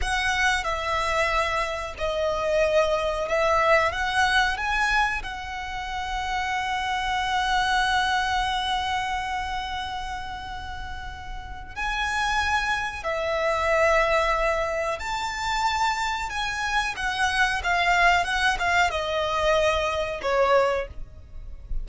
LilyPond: \new Staff \with { instrumentName = "violin" } { \time 4/4 \tempo 4 = 92 fis''4 e''2 dis''4~ | dis''4 e''4 fis''4 gis''4 | fis''1~ | fis''1~ |
fis''2 gis''2 | e''2. a''4~ | a''4 gis''4 fis''4 f''4 | fis''8 f''8 dis''2 cis''4 | }